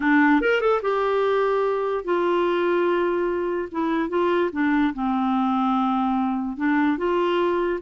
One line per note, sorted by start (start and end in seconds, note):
0.00 0.41 D4
0.41 0.60 A#4
0.60 0.81 A4
0.82 2.04 G4
2.04 3.68 F4
3.71 4.09 E4
4.09 4.50 F4
4.52 4.93 D4
4.94 6.57 C4
6.57 6.97 D4
6.97 7.79 F4